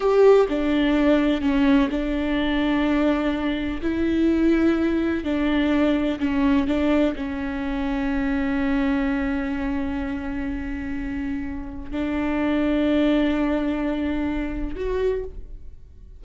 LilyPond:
\new Staff \with { instrumentName = "viola" } { \time 4/4 \tempo 4 = 126 g'4 d'2 cis'4 | d'1 | e'2. d'4~ | d'4 cis'4 d'4 cis'4~ |
cis'1~ | cis'1~ | cis'4 d'2.~ | d'2. fis'4 | }